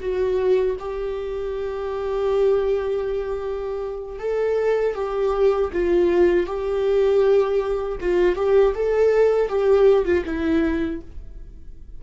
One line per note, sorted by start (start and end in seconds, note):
0.00 0.76 F#4
0.79 4.19 G4
4.19 4.95 A4
4.95 5.71 G4
5.73 6.46 F4
6.46 7.98 G4
8.00 8.35 F4
8.35 8.73 G4
8.75 9.49 A4
9.49 10.05 G4
10.05 10.24 F4
10.25 11.01 E4